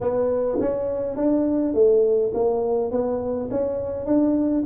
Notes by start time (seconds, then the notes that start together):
0.00 B3
0.60 C#4
1.16 D4
1.74 A3
2.34 A#3
2.91 B3
3.50 C#4
4.06 D4